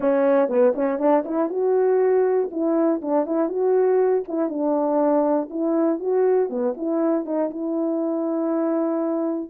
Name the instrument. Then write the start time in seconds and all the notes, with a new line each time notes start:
horn
0.00 C#4
0.48 B3
0.75 C#4
0.98 D4
1.25 E4
1.49 F#4
2.51 E4
3.01 D4
3.25 E4
3.48 F#4
4.27 E4
4.49 D4
5.50 E4
5.99 F#4
6.49 B3
6.77 E4
7.25 D#4
7.50 E4